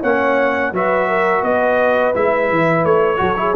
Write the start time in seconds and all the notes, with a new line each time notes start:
0.00 A#3 C#4 C#5 F#5
0.72 F#3 F#4 B4 E5
1.08 A#4
1.43 B3 B4 D#5
2.14 G#3 E4 E5
2.50 E3
2.85 A3 C#5
3.17 F#3 F#4 A4
3.36 E4 G#4